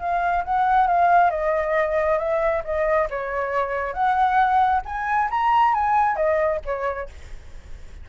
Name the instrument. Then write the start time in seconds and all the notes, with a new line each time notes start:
flute
0.00 F5
0.45 F#5
0.88 F5
1.31 D#5
2.19 E5
2.65 D#5
3.10 C#5
3.94 F#5
4.85 G#5
5.31 A#5
5.74 G#5
6.16 D#5
6.66 C#5